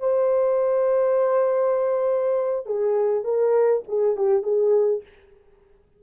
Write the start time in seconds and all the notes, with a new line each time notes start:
0.00 C5
2.66 G#4
3.24 A#4
3.88 G#4
4.17 G4
4.43 G#4